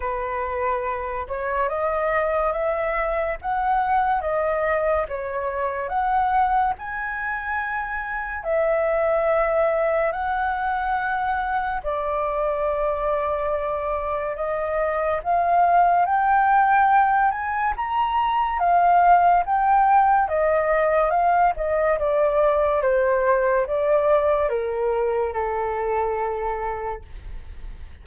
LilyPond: \new Staff \with { instrumentName = "flute" } { \time 4/4 \tempo 4 = 71 b'4. cis''8 dis''4 e''4 | fis''4 dis''4 cis''4 fis''4 | gis''2 e''2 | fis''2 d''2~ |
d''4 dis''4 f''4 g''4~ | g''8 gis''8 ais''4 f''4 g''4 | dis''4 f''8 dis''8 d''4 c''4 | d''4 ais'4 a'2 | }